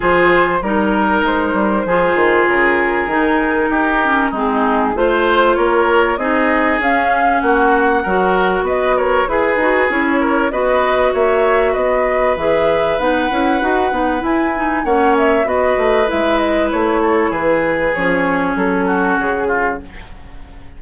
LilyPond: <<
  \new Staff \with { instrumentName = "flute" } { \time 4/4 \tempo 4 = 97 c''4 ais'4 c''2 | ais'2. gis'4 | c''4 cis''4 dis''4 f''4 | fis''2 dis''8 cis''8 b'4 |
cis''4 dis''4 e''4 dis''4 | e''4 fis''2 gis''4 | fis''8 e''8 dis''4 e''8 dis''8 cis''4 | b'4 cis''4 a'4 gis'4 | }
  \new Staff \with { instrumentName = "oboe" } { \time 4/4 gis'4 ais'2 gis'4~ | gis'2 g'4 dis'4 | c''4 ais'4 gis'2 | fis'4 ais'4 b'8 ais'8 gis'4~ |
gis'8 ais'8 b'4 cis''4 b'4~ | b'1 | cis''4 b'2~ b'8 a'8 | gis'2~ gis'8 fis'4 f'8 | }
  \new Staff \with { instrumentName = "clarinet" } { \time 4/4 f'4 dis'2 f'4~ | f'4 dis'4. cis'8 c'4 | f'2 dis'4 cis'4~ | cis'4 fis'2 gis'8 fis'8 |
e'4 fis'2. | gis'4 dis'8 e'8 fis'8 dis'8 e'8 dis'8 | cis'4 fis'4 e'2~ | e'4 cis'2. | }
  \new Staff \with { instrumentName = "bassoon" } { \time 4/4 f4 g4 gis8 g8 f8 dis8 | cis4 dis4 dis'4 gis4 | a4 ais4 c'4 cis'4 | ais4 fis4 b4 e'8 dis'8 |
cis'4 b4 ais4 b4 | e4 b8 cis'8 dis'8 b8 e'4 | ais4 b8 a8 gis4 a4 | e4 f4 fis4 cis4 | }
>>